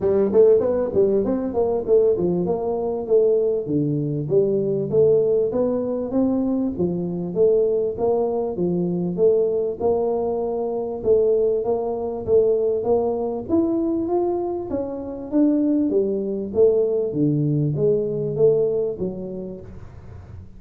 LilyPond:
\new Staff \with { instrumentName = "tuba" } { \time 4/4 \tempo 4 = 98 g8 a8 b8 g8 c'8 ais8 a8 f8 | ais4 a4 d4 g4 | a4 b4 c'4 f4 | a4 ais4 f4 a4 |
ais2 a4 ais4 | a4 ais4 e'4 f'4 | cis'4 d'4 g4 a4 | d4 gis4 a4 fis4 | }